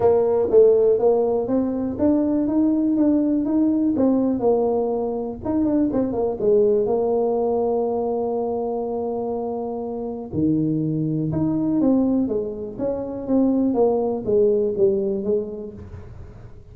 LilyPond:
\new Staff \with { instrumentName = "tuba" } { \time 4/4 \tempo 4 = 122 ais4 a4 ais4 c'4 | d'4 dis'4 d'4 dis'4 | c'4 ais2 dis'8 d'8 | c'8 ais8 gis4 ais2~ |
ais1~ | ais4 dis2 dis'4 | c'4 gis4 cis'4 c'4 | ais4 gis4 g4 gis4 | }